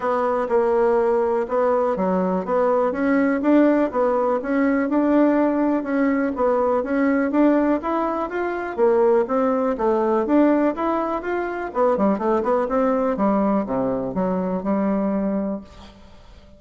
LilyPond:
\new Staff \with { instrumentName = "bassoon" } { \time 4/4 \tempo 4 = 123 b4 ais2 b4 | fis4 b4 cis'4 d'4 | b4 cis'4 d'2 | cis'4 b4 cis'4 d'4 |
e'4 f'4 ais4 c'4 | a4 d'4 e'4 f'4 | b8 g8 a8 b8 c'4 g4 | c4 fis4 g2 | }